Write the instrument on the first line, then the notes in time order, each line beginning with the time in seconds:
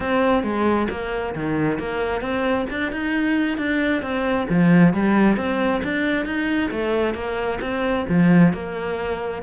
cello
0.00 C4
0.43 G#3
0.90 A#3
1.35 D#3
1.78 A#3
2.21 C4
2.69 D4
2.91 D#4
3.57 D4
4.02 C4
4.49 F3
4.93 G3
5.36 C4
5.83 D4
6.25 D#4
6.71 A3
7.14 A#3
7.61 C4
8.08 F3
8.53 A#3